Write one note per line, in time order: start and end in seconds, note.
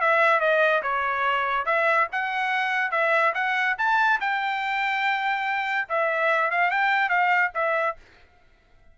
0.00 0.40 E5
0.40 0.82 D#5
0.82 1.65 C#5
1.65 2.07 E5
2.11 2.91 F#5
2.91 3.33 E5
3.34 3.76 F#5
3.78 4.20 A5
4.20 5.88 G5
5.88 6.51 E5
6.51 6.70 F5
6.70 7.09 G5
7.09 7.51 F5
7.54 7.96 E5